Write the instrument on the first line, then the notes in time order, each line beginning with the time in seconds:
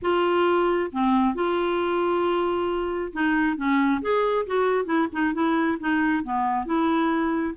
clarinet
0.01 F4
0.92 C4
1.34 F4
3.13 D#4
3.57 C#4
4.01 G#4
4.46 F#4
4.85 E4
5.12 D#4
5.33 E4
5.80 D#4
6.23 B3
6.65 E4